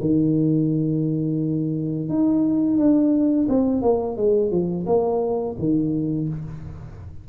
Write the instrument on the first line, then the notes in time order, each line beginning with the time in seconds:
tuba
0.00 D#3
2.09 D#4
2.77 D4
3.49 C4
3.82 A#3
4.17 G#3
4.51 F3
4.86 A#3
5.59 D#3